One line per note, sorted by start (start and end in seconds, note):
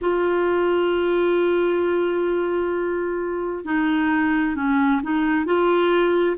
0.01 3.64 F4
3.64 4.55 D#4
4.55 5.01 C#4
5.02 5.45 D#4
5.45 6.36 F4